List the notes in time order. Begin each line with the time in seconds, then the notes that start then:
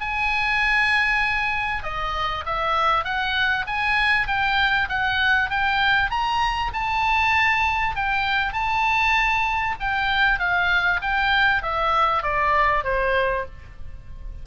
0.00 G#5
1.83 D#5
2.45 E5
3.04 F#5
3.66 G#5
4.27 G5
4.88 F#5
5.50 G5
6.10 A#5
6.73 A5
7.95 G5
8.52 A5
9.80 G5
10.39 F5
11.01 G5
11.62 E5
12.22 D5
12.83 C5